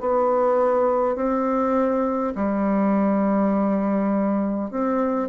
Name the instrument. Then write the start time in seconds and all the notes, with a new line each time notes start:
bassoon
0.00 B3
1.16 C4
2.35 G3
4.71 C4